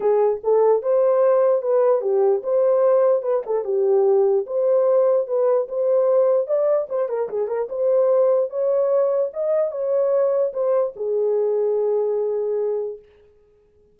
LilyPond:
\new Staff \with { instrumentName = "horn" } { \time 4/4 \tempo 4 = 148 gis'4 a'4 c''2 | b'4 g'4 c''2 | b'8 a'8 g'2 c''4~ | c''4 b'4 c''2 |
d''4 c''8 ais'8 gis'8 ais'8 c''4~ | c''4 cis''2 dis''4 | cis''2 c''4 gis'4~ | gis'1 | }